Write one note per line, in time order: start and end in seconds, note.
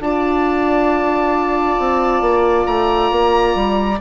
0.00 1.76 D4
0.00 3.99 F4
0.00 4.01 D5
0.00 2.66 A5
1.79 2.21 C4
2.21 2.65 A#3
2.66 3.11 A3
2.66 3.99 A#5
3.11 3.55 A#3
3.55 3.99 G3